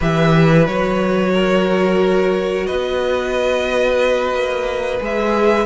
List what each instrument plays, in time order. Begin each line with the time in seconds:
0.00 cello E3, viola G4, violin B4 E5
0.66 cello F#3, viola F#4, violin C#5
1.33 violin A#4
2.66 cello B3, violin B4 D#5
4.33 cello A#3
4.99 cello G#3, viola G#4, violin E5